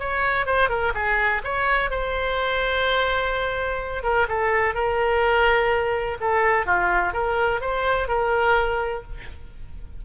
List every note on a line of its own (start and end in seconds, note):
0.00 0.47 C#5
0.47 0.69 C5
0.69 0.93 A#4
0.95 1.42 G#4
1.44 1.90 C#5
1.90 4.03 C5
4.03 4.27 A#4
4.29 4.75 A4
4.75 6.18 A#4
6.21 6.66 A4
6.66 7.13 F4
7.13 7.61 A#4
7.61 8.08 C5
8.08 9.04 A#4